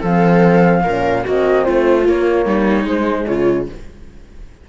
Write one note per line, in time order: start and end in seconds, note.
0.00 0.85 F3
0.00 0.85 C4
0.00 0.82 A4
0.00 1.28 F5
0.84 1.26 A#2
0.84 1.26 C#4
0.84 1.24 A#4
1.24 1.68 A#3
1.24 2.03 C4
1.24 1.65 F#4
1.24 1.65 D#5
1.65 2.09 A3
1.65 2.46 F4
1.65 2.06 C5
2.03 2.85 A#3
2.03 2.46 A#3
2.03 2.88 C#5
2.46 2.85 G3
2.46 3.28 D#4
2.85 3.26 G#3
2.85 3.69 G#3
2.85 3.27 C5
3.27 3.70 C#3
3.27 3.69 F4
3.27 3.68 C#5